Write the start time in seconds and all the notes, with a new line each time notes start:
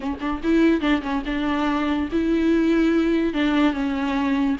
0.00 C#4
0.20 D4
0.43 E4
0.80 D4
1.02 C#4
1.25 D4
2.12 E4
3.33 D4
3.73 C#4